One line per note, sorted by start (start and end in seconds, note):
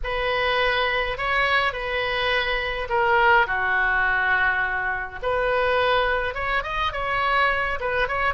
0.03 1.17 B4
1.17 1.72 C#5
1.72 2.88 B4
2.89 3.46 A#4
3.46 5.19 F#4
5.22 6.34 B4
6.34 6.63 C#5
6.63 6.92 D#5
6.92 7.79 C#5
7.79 8.07 B4
8.07 8.34 C#5